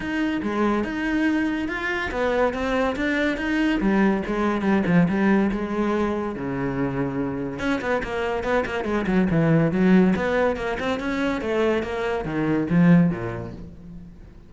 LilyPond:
\new Staff \with { instrumentName = "cello" } { \time 4/4 \tempo 4 = 142 dis'4 gis4 dis'2 | f'4 b4 c'4 d'4 | dis'4 g4 gis4 g8 f8 | g4 gis2 cis4~ |
cis2 cis'8 b8 ais4 | b8 ais8 gis8 fis8 e4 fis4 | b4 ais8 c'8 cis'4 a4 | ais4 dis4 f4 ais,4 | }